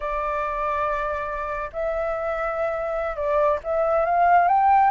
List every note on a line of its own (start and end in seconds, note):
0.00 1.70 D5
1.73 3.16 E5
3.16 3.59 D5
3.63 4.05 E5
4.05 4.47 F5
4.47 4.90 G5